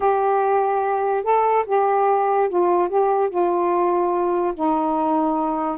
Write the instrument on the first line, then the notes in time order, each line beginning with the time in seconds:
saxophone
0.00 G4
1.23 A4
1.66 G4
2.49 F4
2.89 G4
3.29 F4
4.54 D#4